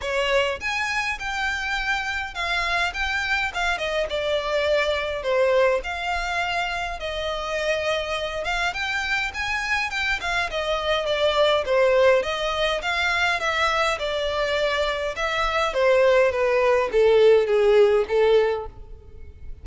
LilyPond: \new Staff \with { instrumentName = "violin" } { \time 4/4 \tempo 4 = 103 cis''4 gis''4 g''2 | f''4 g''4 f''8 dis''8 d''4~ | d''4 c''4 f''2 | dis''2~ dis''8 f''8 g''4 |
gis''4 g''8 f''8 dis''4 d''4 | c''4 dis''4 f''4 e''4 | d''2 e''4 c''4 | b'4 a'4 gis'4 a'4 | }